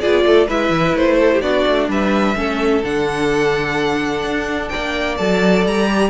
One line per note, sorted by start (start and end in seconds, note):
0.00 0.24 B3
0.00 0.49 F4
0.00 0.25 G#4
0.00 0.47 D5
0.24 0.48 A3
0.24 0.47 A4
0.47 0.70 G#3
0.47 1.42 E4
0.47 1.17 B4
0.47 0.97 E5
0.70 0.93 E3
0.95 1.42 A3
0.95 1.41 C5
1.20 1.32 A4
1.33 1.42 G4
1.41 1.65 B3
1.41 2.36 D4
1.41 1.89 F#4
1.41 1.88 D5
1.67 1.88 A3
1.88 2.35 G3
1.88 2.37 B4
1.88 2.84 E5
2.36 2.83 A3
2.36 2.82 C#4
2.36 4.72 A4
2.84 4.23 D3
2.84 5.18 D4
2.84 4.68 F#5
4.23 4.70 D4
4.68 6.10 D5
4.68 5.15 G5
4.75 5.20 A#3
5.17 5.66 F#3
5.17 5.87 A4
5.17 5.64 A5
5.66 6.10 G3
5.66 6.10 A#5
5.87 6.10 G4